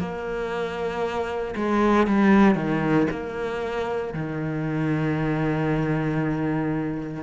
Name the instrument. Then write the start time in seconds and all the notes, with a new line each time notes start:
cello
0.00 A#3
1.56 G#3
2.08 G3
2.56 D#3
3.11 A#3
4.14 D#3